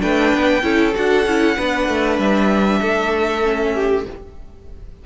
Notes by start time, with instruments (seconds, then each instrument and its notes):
0.00 cello A3, viola D4, violin B4 G5
0.34 cello B3
0.62 cello C#4, viola E4, violin A4
0.95 cello D4, viola F#4, violin F#5
1.26 cello C#4, viola E4
1.56 cello B3, viola D4, violin B4
1.88 cello A3
2.18 cello G3, violin E5
2.82 cello A3, violin A4
3.43 viola C#4
3.74 violin G4